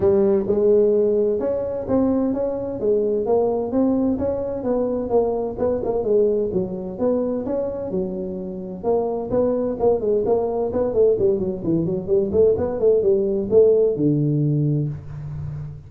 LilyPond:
\new Staff \with { instrumentName = "tuba" } { \time 4/4 \tempo 4 = 129 g4 gis2 cis'4 | c'4 cis'4 gis4 ais4 | c'4 cis'4 b4 ais4 | b8 ais8 gis4 fis4 b4 |
cis'4 fis2 ais4 | b4 ais8 gis8 ais4 b8 a8 | g8 fis8 e8 fis8 g8 a8 b8 a8 | g4 a4 d2 | }